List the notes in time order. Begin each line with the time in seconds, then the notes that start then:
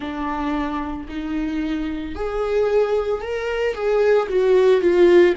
0.00 D4
1.08 D#4
2.15 G#4
3.21 A#4
3.74 G#4
4.29 F#4
4.81 F4